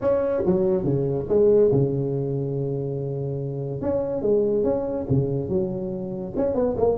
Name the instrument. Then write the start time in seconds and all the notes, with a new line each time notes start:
tuba
0.01 C#4
0.46 F#3
0.84 C#3
1.28 G#3
1.71 C#3
3.81 C#4
4.22 G#3
4.63 C#4
5.09 C#3
5.48 F#3
6.36 C#4
6.54 B3
6.77 A#3